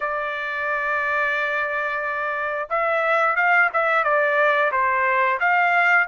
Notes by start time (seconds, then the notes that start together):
0.00 D5
2.69 E5
3.36 F5
3.73 E5
4.04 D5
4.71 C5
5.40 F5